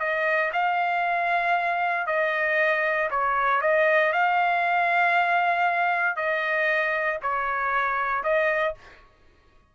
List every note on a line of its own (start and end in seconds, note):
0.00 0.51 D#5
0.53 2.07 F5
2.07 3.09 D#5
3.10 3.62 C#5
3.62 4.12 D#5
4.12 6.16 F5
6.16 7.19 D#5
7.22 8.23 C#5
8.23 8.74 D#5